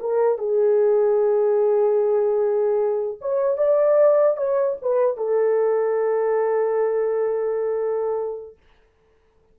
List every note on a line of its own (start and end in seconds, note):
0.00 0.39 A#4
0.39 3.19 G#4
3.21 3.58 C#5
3.58 4.37 D5
4.37 4.77 C#5
4.82 5.17 B4
5.17 8.57 A4